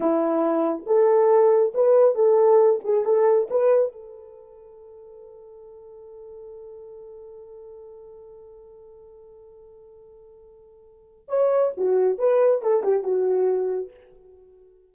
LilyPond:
\new Staff \with { instrumentName = "horn" } { \time 4/4 \tempo 4 = 138 e'2 a'2 | b'4 a'4. gis'8 a'4 | b'4 a'2.~ | a'1~ |
a'1~ | a'1~ | a'2 cis''4 fis'4 | b'4 a'8 g'8 fis'2 | }